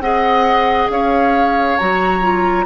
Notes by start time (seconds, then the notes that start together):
0.00 C4 G#4 D#5 F#5
0.90 C#4 C#5 F5
1.78 F#3 F#4 A#5
2.22 F4